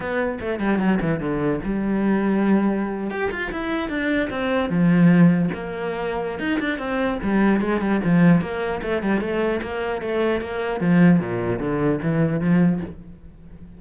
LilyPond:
\new Staff \with { instrumentName = "cello" } { \time 4/4 \tempo 4 = 150 b4 a8 g8 fis8 e8 d4 | g2.~ g8. g'16~ | g'16 f'8 e'4 d'4 c'4 f16~ | f4.~ f16 ais2~ ais16 |
dis'8 d'8 c'4 g4 gis8 g8 | f4 ais4 a8 g8 a4 | ais4 a4 ais4 f4 | ais,4 d4 e4 f4 | }